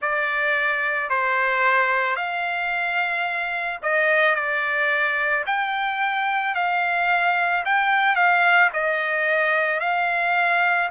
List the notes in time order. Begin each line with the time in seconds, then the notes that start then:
0.01 D5
1.09 C5
2.16 F5
3.82 D#5
4.35 D5
5.46 G5
6.55 F5
7.65 G5
8.15 F5
8.73 D#5
9.79 F5